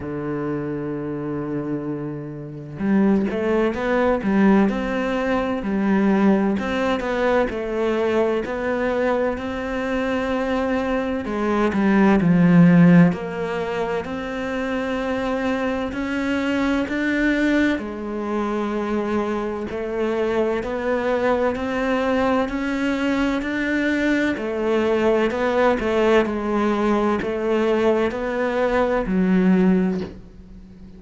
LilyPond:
\new Staff \with { instrumentName = "cello" } { \time 4/4 \tempo 4 = 64 d2. g8 a8 | b8 g8 c'4 g4 c'8 b8 | a4 b4 c'2 | gis8 g8 f4 ais4 c'4~ |
c'4 cis'4 d'4 gis4~ | gis4 a4 b4 c'4 | cis'4 d'4 a4 b8 a8 | gis4 a4 b4 fis4 | }